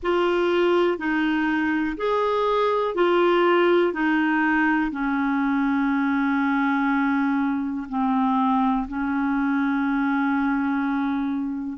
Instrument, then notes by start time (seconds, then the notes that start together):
clarinet
0.02 F4
0.98 D#4
1.97 G#4
2.95 F4
3.93 D#4
4.91 C#4
7.88 C4
8.87 C#4